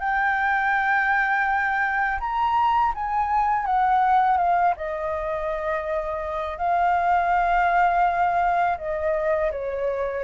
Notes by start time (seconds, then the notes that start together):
0.00 G5
2.20 A#5
2.95 G#5
3.66 F#5
4.38 F5
4.77 D#5
6.58 F5
8.78 D#5
9.52 C#5